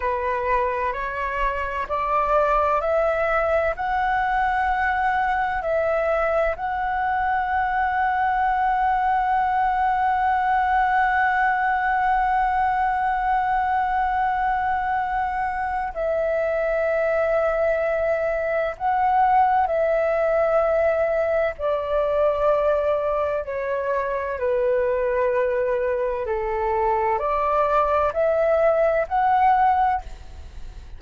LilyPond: \new Staff \with { instrumentName = "flute" } { \time 4/4 \tempo 4 = 64 b'4 cis''4 d''4 e''4 | fis''2 e''4 fis''4~ | fis''1~ | fis''1~ |
fis''4 e''2. | fis''4 e''2 d''4~ | d''4 cis''4 b'2 | a'4 d''4 e''4 fis''4 | }